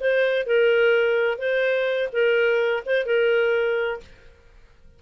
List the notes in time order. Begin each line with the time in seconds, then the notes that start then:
0.00 C5
0.46 A#4
1.38 C5
2.12 A#4
2.86 C5
3.05 A#4